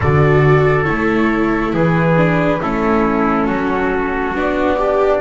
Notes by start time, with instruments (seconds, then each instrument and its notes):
0.00 double bass D3, viola F#4, trumpet A4, flute D5
0.84 double bass A3, viola E4, flute C#5
1.73 double bass E3, trumpet G#4, flute B4
2.16 viola D4
2.61 double bass A3, viola C#4, trumpet E4, flute A4
3.46 double bass F#3, trumpet F#4
4.34 double bass B3, viola D4, flute D5
4.77 trumpet D4, viola G4